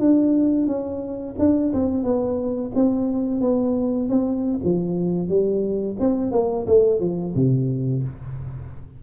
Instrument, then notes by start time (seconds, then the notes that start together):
tuba
0.00 D4
0.67 C#4
1.39 D4
1.74 C4
2.04 B3
2.76 C4
3.41 B3
4.09 C4
4.65 F3
5.29 G3
6.00 C4
6.32 A#3
6.68 A3
7.00 F3
7.35 C3